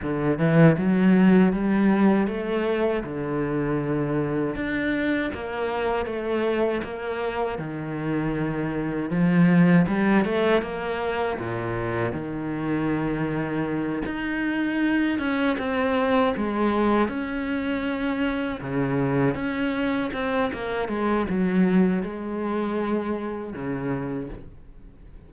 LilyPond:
\new Staff \with { instrumentName = "cello" } { \time 4/4 \tempo 4 = 79 d8 e8 fis4 g4 a4 | d2 d'4 ais4 | a4 ais4 dis2 | f4 g8 a8 ais4 ais,4 |
dis2~ dis8 dis'4. | cis'8 c'4 gis4 cis'4.~ | cis'8 cis4 cis'4 c'8 ais8 gis8 | fis4 gis2 cis4 | }